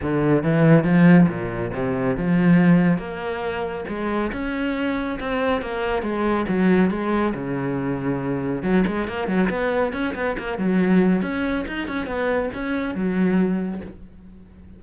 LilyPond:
\new Staff \with { instrumentName = "cello" } { \time 4/4 \tempo 4 = 139 d4 e4 f4 ais,4 | c4 f2 ais4~ | ais4 gis4 cis'2 | c'4 ais4 gis4 fis4 |
gis4 cis2. | fis8 gis8 ais8 fis8 b4 cis'8 b8 | ais8 fis4. cis'4 dis'8 cis'8 | b4 cis'4 fis2 | }